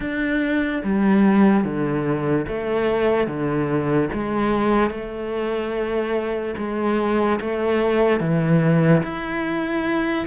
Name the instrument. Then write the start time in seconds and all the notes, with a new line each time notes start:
cello
0.00 D4
0.83 G3
1.64 D3
2.48 A3
3.27 D3
4.13 G#3
4.90 A3
6.57 G#3
7.40 A3
8.20 E3
9.03 E4